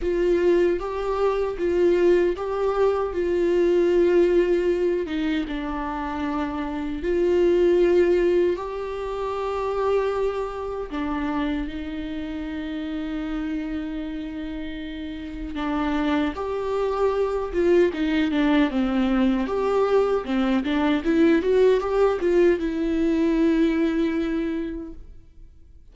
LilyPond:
\new Staff \with { instrumentName = "viola" } { \time 4/4 \tempo 4 = 77 f'4 g'4 f'4 g'4 | f'2~ f'8 dis'8 d'4~ | d'4 f'2 g'4~ | g'2 d'4 dis'4~ |
dis'1 | d'4 g'4. f'8 dis'8 d'8 | c'4 g'4 c'8 d'8 e'8 fis'8 | g'8 f'8 e'2. | }